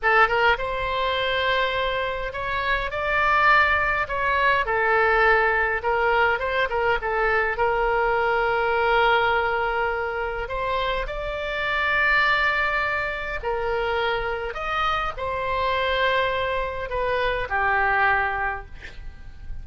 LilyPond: \new Staff \with { instrumentName = "oboe" } { \time 4/4 \tempo 4 = 103 a'8 ais'8 c''2. | cis''4 d''2 cis''4 | a'2 ais'4 c''8 ais'8 | a'4 ais'2.~ |
ais'2 c''4 d''4~ | d''2. ais'4~ | ais'4 dis''4 c''2~ | c''4 b'4 g'2 | }